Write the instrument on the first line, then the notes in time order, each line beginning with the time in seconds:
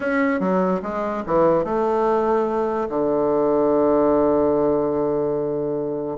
bassoon
0.00 C#4
0.40 F#3
0.82 G#3
1.26 E3
1.64 A3
2.89 D3